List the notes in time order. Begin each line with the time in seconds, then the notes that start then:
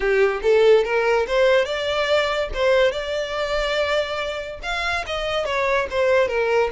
0.00 G4
0.42 A4
0.84 A#4
1.27 C5
1.65 D5
2.54 C5
2.91 D5
4.62 F5
5.06 D#5
5.45 C#5
5.90 C5
6.28 A#4